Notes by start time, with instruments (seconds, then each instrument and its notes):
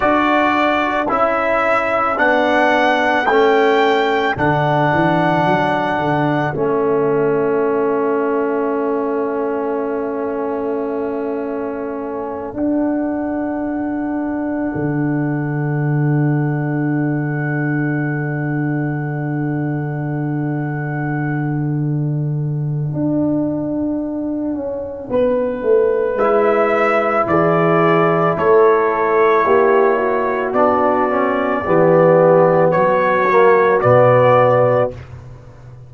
0.00 tuba D4, trombone F#4, horn A4, trumpet D5
1.08 tuba C#4, trombone E4, trumpet E5
2.15 tuba B3, trombone D4, trumpet F#5
3.26 tuba A3, trombone C#4, trumpet G5
4.36 tuba D3, trombone D4, trumpet F#5
4.93 tuba E3
5.45 tuba F#3
5.98 tuba D3
6.54 tuba A3, trombone C#4, trumpet E5
12.53 tuba D4, trombone D4, trumpet F#5
14.75 tuba D3
22.93 tuba D4
24.53 tuba C#4
25.09 tuba B3, horn B4
25.62 tuba A3
26.15 tuba G#3, trombone E4, trumpet E5
27.26 tuba E3, horn G#4, trumpet D5
28.36 tuba A3, horn A4, trumpet C#5
29.44 tuba A#3, horn G4
29.98 horn F#4
30.52 tuba B3, trombone D4, trumpet D5
31.10 trombone C#4
31.65 tuba E3, trombone B3, horn G4
32.71 tuba F#3, horn F#4, trumpet C#5
33.29 trombone A#3
33.80 tuba B2, trombone B3, trumpet D5